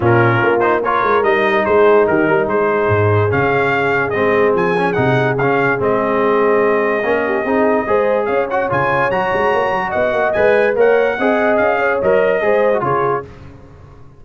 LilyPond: <<
  \new Staff \with { instrumentName = "trumpet" } { \time 4/4 \tempo 4 = 145 ais'4. c''8 cis''4 dis''4 | c''4 ais'4 c''2 | f''2 dis''4 gis''4 | fis''4 f''4 dis''2~ |
dis''1 | f''8 fis''8 gis''4 ais''2 | fis''4 gis''4 fis''2 | f''4 dis''2 cis''4 | }
  \new Staff \with { instrumentName = "horn" } { \time 4/4 f'2 ais'2 | gis'4 g'8 ais'8 gis'2~ | gis'1~ | gis'1~ |
gis'4. g'8 gis'4 c''4 | cis''1 | dis''2 cis''4 dis''4~ | dis''8 cis''4. c''4 gis'4 | }
  \new Staff \with { instrumentName = "trombone" } { \time 4/4 cis'4. dis'8 f'4 dis'4~ | dis'1 | cis'2 c'4. cis'8 | dis'4 cis'4 c'2~ |
c'4 cis'4 dis'4 gis'4~ | gis'8 fis'8 f'4 fis'2~ | fis'4 b'4 ais'4 gis'4~ | gis'4 ais'4 gis'8. fis'16 f'4 | }
  \new Staff \with { instrumentName = "tuba" } { \time 4/4 ais,4 ais4. gis8 g4 | gis4 dis8 g8 gis4 gis,4 | cis2 gis4 f4 | c4 cis4 gis2~ |
gis4 ais4 c'4 gis4 | cis'4 cis4 fis8 gis8 ais8 fis8 | b8 ais8 gis4 ais4 c'4 | cis'4 fis4 gis4 cis4 | }
>>